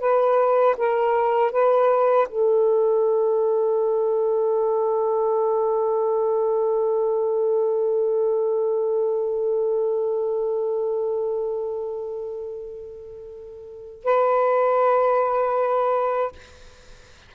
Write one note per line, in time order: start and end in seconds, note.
0.00 0.76 B4
0.77 1.52 A#4
1.52 2.28 B4
2.29 14.04 A4
14.04 16.32 B4